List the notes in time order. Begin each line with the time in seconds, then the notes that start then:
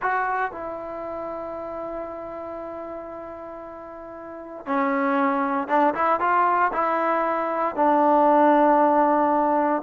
0.02 F#4
0.52 E4
4.66 C#4
5.68 D4
5.94 E4
6.20 F4
6.72 E4
7.75 D4